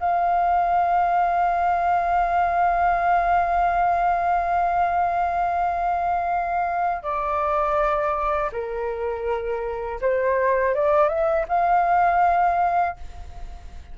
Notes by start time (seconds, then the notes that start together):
0.00 F5
7.03 D5
8.53 A#4
10.01 C5
10.75 D5
11.09 E5
11.48 F5